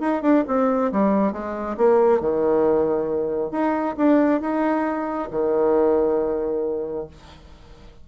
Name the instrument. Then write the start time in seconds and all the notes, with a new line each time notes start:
bassoon
0.00 D#4
0.22 D4
0.48 C4
0.92 G3
1.32 G#3
1.77 A#3
2.20 D#3
3.51 D#4
3.97 D4
4.41 D#4
5.31 D#3